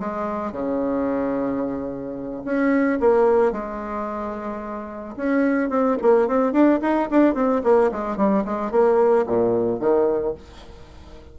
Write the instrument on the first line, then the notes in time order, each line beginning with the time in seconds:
bassoon
0.00 G#3
0.53 C#3
2.45 C#4
3.01 A#3
3.53 G#3
5.17 C#4
5.70 C4
6.02 A#3
6.28 C4
6.53 D4
6.82 D#4
7.11 D4
7.35 C4
7.64 A#3
7.92 G#3
8.17 G3
8.45 G#3
8.72 A#3
9.27 A#2
9.80 D#3